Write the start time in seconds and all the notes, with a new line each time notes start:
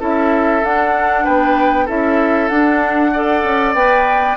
0.00 C#4 E4 A4 E5
0.64 D4 F#5
1.24 B3 B4 G5
1.86 C#4 E4 A4 E5
2.49 D4 F#5
3.13 A4 D5
3.44 C#4
3.74 B3 B4 G5